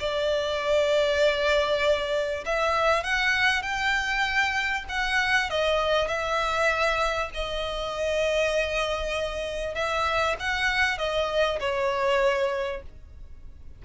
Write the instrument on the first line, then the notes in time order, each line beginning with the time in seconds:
violin
0.00 D5
2.46 E5
3.04 F#5
3.63 G5
4.89 F#5
5.51 D#5
6.08 E5
7.34 D#5
9.75 E5
10.40 F#5
10.99 D#5
11.60 C#5